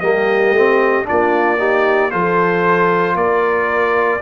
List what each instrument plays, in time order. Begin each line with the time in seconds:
0.00 tuba G3, trombone A#3, horn G4, trumpet D#5
0.51 tuba A3, trombone C4
1.05 tuba A#3, trombone D4, horn F4, trumpet D5
1.58 trombone D#4, horn G4
2.11 tuba F3, trombone F4, horn A4, trumpet C5
3.15 tuba A#3, horn A#4, trumpet D5